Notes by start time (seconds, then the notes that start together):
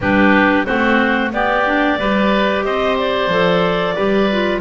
0.01 G3 D4 G4 B4
0.65 A3 C4 F#4 C5
1.32 B3 G4 D5
1.65 D4
1.98 G3 G4 B4
2.64 C4 C5 D#5
2.98 D5
3.27 F3 A4
3.95 G3 G4 B4
4.31 F4